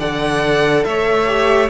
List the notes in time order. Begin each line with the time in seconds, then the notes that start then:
0.00 D3 A4 D5 F#5
0.85 A3 C#5 E5
1.27 G4